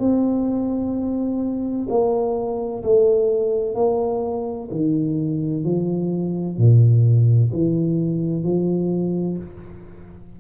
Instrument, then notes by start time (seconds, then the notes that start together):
tuba
0.00 C4
1.90 A#3
2.83 A3
3.75 A#3
4.71 D#3
5.64 F3
6.58 A#2
7.53 E3
8.44 F3